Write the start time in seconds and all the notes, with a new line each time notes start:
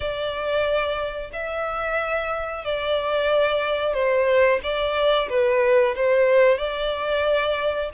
0.00 D5
1.32 E5
2.64 D5
3.93 C5
4.63 D5
5.29 B4
5.95 C5
6.58 D5